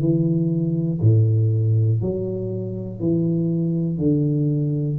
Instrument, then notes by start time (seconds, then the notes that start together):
tuba
0.00 E3
1.01 A2
2.01 F#3
2.99 E3
3.98 D3